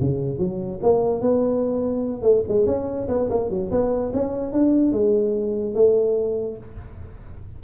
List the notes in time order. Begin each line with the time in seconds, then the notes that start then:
0.00 C#3
0.39 F#3
0.82 A#3
1.21 B3
2.22 A3
2.48 G#3
2.66 C#4
3.08 B3
3.30 A#3
3.50 F#3
3.71 B3
4.13 C#4
4.52 D4
4.92 G#3
5.75 A3